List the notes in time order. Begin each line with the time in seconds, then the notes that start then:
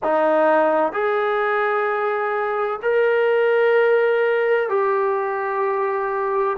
0.03 D#4
0.92 G#4
2.82 A#4
4.69 G4